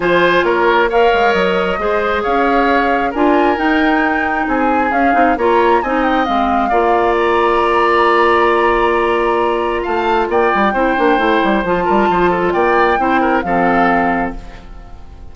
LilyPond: <<
  \new Staff \with { instrumentName = "flute" } { \time 4/4 \tempo 4 = 134 gis''4 cis''4 f''4 dis''4~ | dis''4 f''2 gis''4 | g''2 gis''4 f''4 | ais''4 gis''8 g''8 f''2 |
ais''1~ | ais''2 a''4 g''4~ | g''2 a''2 | g''2 f''2 | }
  \new Staff \with { instrumentName = "oboe" } { \time 4/4 c''4 ais'4 cis''2 | c''4 cis''2 ais'4~ | ais'2 gis'2 | cis''4 dis''2 d''4~ |
d''1~ | d''2 f''4 d''4 | c''2~ c''8 ais'8 c''8 a'8 | d''4 c''8 ais'8 a'2 | }
  \new Staff \with { instrumentName = "clarinet" } { \time 4/4 f'2 ais'2 | gis'2. f'4 | dis'2. cis'8 dis'8 | f'4 dis'4 c'4 f'4~ |
f'1~ | f'1 | e'8 d'8 e'4 f'2~ | f'4 e'4 c'2 | }
  \new Staff \with { instrumentName = "bassoon" } { \time 4/4 f4 ais4. gis8 fis4 | gis4 cis'2 d'4 | dis'2 c'4 cis'8 c'8 | ais4 c'4 gis4 ais4~ |
ais1~ | ais2 a4 ais8 g8 | c'8 ais8 a8 g8 f8 g8 f4 | ais4 c'4 f2 | }
>>